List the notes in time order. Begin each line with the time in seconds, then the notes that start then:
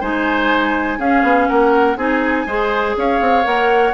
0.00 G#3 D#4 C5 G#5
0.98 C#4 G#4 F5
1.22 B3
1.47 A#3 A#4 F#5
1.96 C4 D#4 G#4 G#5
2.46 G#3 G#4 C5
2.97 C#4 C#5 F5
3.20 C4
3.43 A#3 A#4 F#5